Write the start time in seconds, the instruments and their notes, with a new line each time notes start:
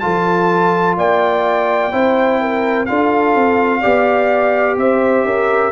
0.00 tuba F3, trombone F4, horn A4, trumpet A5
0.97 tuba A#3, horn D5, trumpet G5
1.92 tuba C4, trombone E4, horn C5
2.41 horn A#4
2.86 tuba D4, trombone F4, horn A4, trumpet F5
3.35 tuba C4
3.80 tuba B3, trombone G4, horn D5
4.77 tuba C4, horn C5, trumpet E5
5.25 tuba C#4, horn A#4